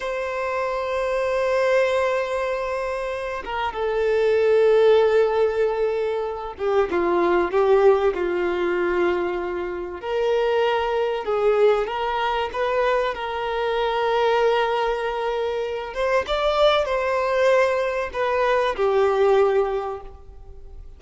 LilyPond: \new Staff \with { instrumentName = "violin" } { \time 4/4 \tempo 4 = 96 c''1~ | c''4. ais'8 a'2~ | a'2~ a'8 g'8 f'4 | g'4 f'2. |
ais'2 gis'4 ais'4 | b'4 ais'2.~ | ais'4. c''8 d''4 c''4~ | c''4 b'4 g'2 | }